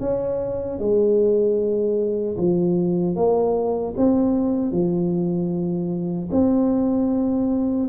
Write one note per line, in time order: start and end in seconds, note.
0.00 0.79 C#4
0.79 2.36 G#3
2.38 3.15 F3
3.15 3.94 A#3
3.97 4.72 C4
4.72 6.29 F3
6.31 7.89 C4